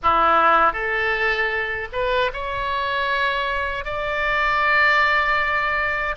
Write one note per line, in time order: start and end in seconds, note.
0.02 0.73 E4
0.73 1.88 A4
1.92 2.31 B4
2.33 3.84 C#5
3.84 6.15 D5